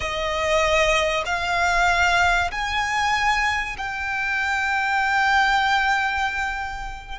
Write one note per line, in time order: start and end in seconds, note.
0.00 1.23 D#5
1.25 2.50 F5
2.51 3.76 G#5
3.77 7.18 G5